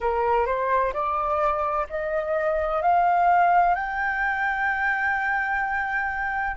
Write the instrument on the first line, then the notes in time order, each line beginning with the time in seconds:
flute
0.00 A#4
0.46 C5
0.93 D5
1.89 D#5
2.81 F5
3.74 G5